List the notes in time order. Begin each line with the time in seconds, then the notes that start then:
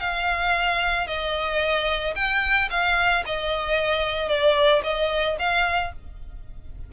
0.00 F5
1.07 D#5
2.16 G5
2.71 F5
3.26 D#5
4.29 D5
4.84 D#5
5.39 F5